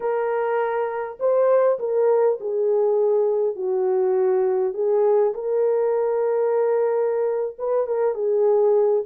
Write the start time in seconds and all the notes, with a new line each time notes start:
0.00 A#4
1.19 C5
1.79 A#4
2.40 G#4
3.55 F#4
4.73 G#4
5.33 A#4
7.58 B4
7.86 A#4
8.14 G#4